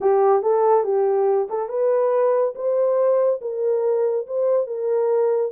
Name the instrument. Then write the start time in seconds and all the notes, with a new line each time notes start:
horn
0.01 G4
0.42 A4
0.84 G4
1.49 A4
1.68 B4
2.55 C5
3.41 A#4
4.26 C5
4.67 A#4